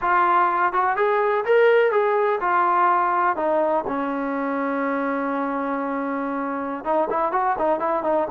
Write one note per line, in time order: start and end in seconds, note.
0.01 0.72 F4
0.72 0.96 F#4
0.96 1.44 G#4
1.45 1.91 A#4
1.91 2.39 G#4
2.40 3.36 F4
3.36 3.84 D#4
3.87 6.84 C#4
6.84 7.08 D#4
7.10 7.32 E4
7.32 7.56 F#4
7.58 7.79 D#4
7.79 8.03 E4
8.03 8.27 D#4